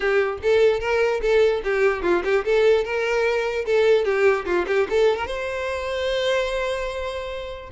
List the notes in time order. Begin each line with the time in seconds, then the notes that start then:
0.00 G4
0.42 A4
0.80 A#4
1.21 A4
1.64 G4
2.02 F4
2.24 G4
2.45 A4
2.84 A#4
3.65 A4
4.04 G4
4.45 F4
4.67 G4
4.89 A4
5.16 A#4
5.26 C5